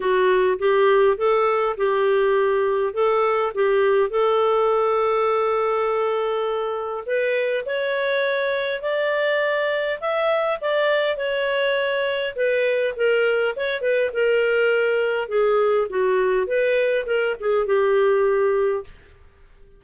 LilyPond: \new Staff \with { instrumentName = "clarinet" } { \time 4/4 \tempo 4 = 102 fis'4 g'4 a'4 g'4~ | g'4 a'4 g'4 a'4~ | a'1 | b'4 cis''2 d''4~ |
d''4 e''4 d''4 cis''4~ | cis''4 b'4 ais'4 cis''8 b'8 | ais'2 gis'4 fis'4 | b'4 ais'8 gis'8 g'2 | }